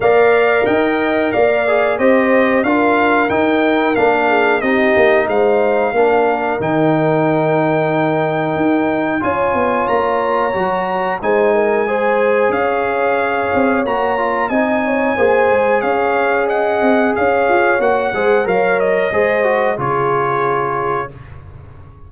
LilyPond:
<<
  \new Staff \with { instrumentName = "trumpet" } { \time 4/4 \tempo 4 = 91 f''4 g''4 f''4 dis''4 | f''4 g''4 f''4 dis''4 | f''2 g''2~ | g''2 gis''4 ais''4~ |
ais''4 gis''2 f''4~ | f''4 ais''4 gis''2 | f''4 fis''4 f''4 fis''4 | f''8 dis''4. cis''2 | }
  \new Staff \with { instrumentName = "horn" } { \time 4/4 d''4 dis''4 d''4 c''4 | ais'2~ ais'8 gis'8 g'4 | c''4 ais'2.~ | ais'2 cis''2~ |
cis''4 c''8 ais'8 c''4 cis''4~ | cis''2 dis''8 cis''8 c''4 | cis''4 dis''4 cis''4. c''8 | cis''4 c''4 gis'2 | }
  \new Staff \with { instrumentName = "trombone" } { \time 4/4 ais'2~ ais'8 gis'8 g'4 | f'4 dis'4 d'4 dis'4~ | dis'4 d'4 dis'2~ | dis'2 f'2 |
fis'4 dis'4 gis'2~ | gis'4 fis'8 f'8 dis'4 gis'4~ | gis'2. fis'8 gis'8 | ais'4 gis'8 fis'8 f'2 | }
  \new Staff \with { instrumentName = "tuba" } { \time 4/4 ais4 dis'4 ais4 c'4 | d'4 dis'4 ais4 c'8 ais8 | gis4 ais4 dis2~ | dis4 dis'4 cis'8 b8 ais4 |
fis4 gis2 cis'4~ | cis'8 c'8 ais4 c'4 ais8 gis8 | cis'4. c'8 cis'8 f'8 ais8 gis8 | fis4 gis4 cis2 | }
>>